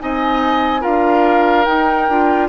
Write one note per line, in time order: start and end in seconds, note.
0.00 0.85 C4
0.00 0.81 D#4
0.00 0.81 D#5
0.00 0.84 G#5
0.81 1.67 D4
0.81 1.65 F4
0.81 2.48 A#4
0.81 1.65 F5
1.65 2.09 D#4
1.65 2.48 G5
2.09 2.49 D4
2.09 2.49 F4